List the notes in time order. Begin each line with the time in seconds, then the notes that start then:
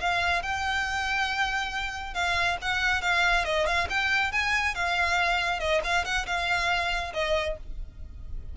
0.00 F5
0.42 G5
2.14 F5
2.62 F#5
3.02 F5
3.45 D#5
3.66 F5
3.89 G5
4.32 G#5
4.75 F5
5.60 D#5
5.84 F5
6.05 F#5
6.27 F5
7.14 D#5